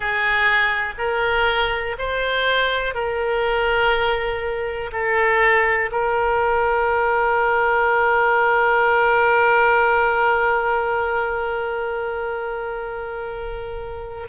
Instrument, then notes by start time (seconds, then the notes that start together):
oboe
0.00 G#4
0.97 A#4
1.98 C5
2.94 A#4
4.92 A4
5.91 A#4